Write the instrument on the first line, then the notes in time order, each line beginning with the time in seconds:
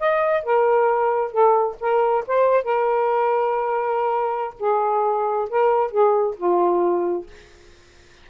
saxophone
0.00 D#5
0.43 A#4
1.32 A4
1.80 A#4
2.27 C5
2.64 A#4
4.59 G#4
5.50 A#4
5.91 G#4
6.37 F4